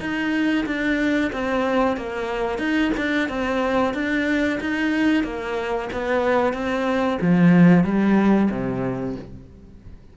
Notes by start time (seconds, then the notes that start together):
0.00 D#4
0.66 D4
1.33 C4
1.97 A#3
2.58 D#4
2.97 D4
3.29 C4
3.94 D4
4.60 D#4
5.24 A#3
5.93 B3
6.53 C4
7.21 F3
7.84 G3
8.50 C3